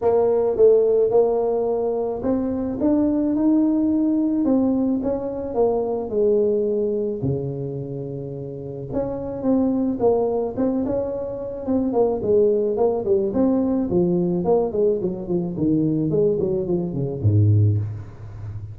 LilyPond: \new Staff \with { instrumentName = "tuba" } { \time 4/4 \tempo 4 = 108 ais4 a4 ais2 | c'4 d'4 dis'2 | c'4 cis'4 ais4 gis4~ | gis4 cis2. |
cis'4 c'4 ais4 c'8 cis'8~ | cis'4 c'8 ais8 gis4 ais8 g8 | c'4 f4 ais8 gis8 fis8 f8 | dis4 gis8 fis8 f8 cis8 gis,4 | }